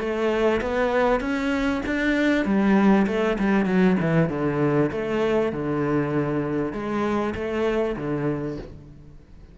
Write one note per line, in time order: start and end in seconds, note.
0.00 0.61 A3
0.62 1.21 B3
1.21 1.82 C#4
1.86 2.46 D4
2.46 3.07 G3
3.07 3.38 A3
3.39 3.66 G3
3.66 3.97 F#3
4.00 4.30 E3
4.30 4.91 D3
4.92 5.53 A3
5.53 6.73 D3
6.73 7.34 G#3
7.35 7.96 A3
7.97 8.58 D3